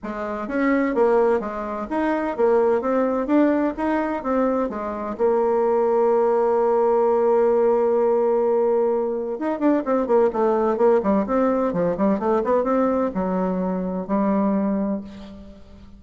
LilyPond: \new Staff \with { instrumentName = "bassoon" } { \time 4/4 \tempo 4 = 128 gis4 cis'4 ais4 gis4 | dis'4 ais4 c'4 d'4 | dis'4 c'4 gis4 ais4~ | ais1~ |
ais1 | dis'8 d'8 c'8 ais8 a4 ais8 g8 | c'4 f8 g8 a8 b8 c'4 | fis2 g2 | }